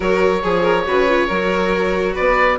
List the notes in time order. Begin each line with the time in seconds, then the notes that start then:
0.00 F#3 F#4 A#4 C#5
0.43 F3 G#4
0.62 A#4
0.86 C#3 F#4 B4
1.08 F4
1.26 F#3 F#4 A#4
2.14 B3 B4 D5